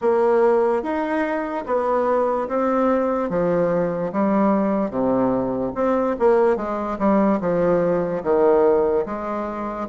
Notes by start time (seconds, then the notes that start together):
0.01 A#3
0.82 D#4
1.66 B3
2.48 C4
3.29 F3
4.12 G3
4.90 C3
5.74 C4
6.19 A#3
6.56 G#3
6.98 G3
7.40 F3
8.23 D#3
9.05 G#3